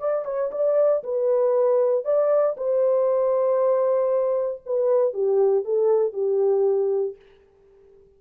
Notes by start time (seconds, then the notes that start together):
0.00 D5
0.25 C#5
0.52 D5
1.04 B4
2.05 D5
2.58 C5
4.66 B4
5.14 G4
5.65 A4
6.14 G4